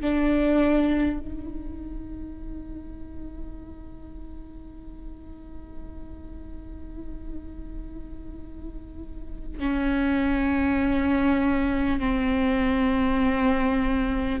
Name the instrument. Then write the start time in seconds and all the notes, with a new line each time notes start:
viola
0.00 D4
1.19 D#4
9.59 C#4
11.99 C4